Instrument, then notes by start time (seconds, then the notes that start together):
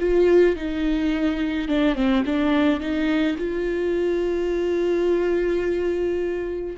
viola
0.00 F4
0.56 D#4
1.69 D4
1.96 C4
2.26 D4
2.81 D#4
3.38 F4